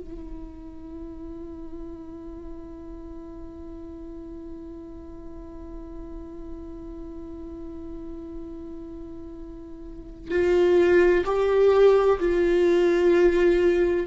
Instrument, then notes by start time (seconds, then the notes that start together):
viola
0.00 E4
10.30 F4
11.25 G4
12.19 F4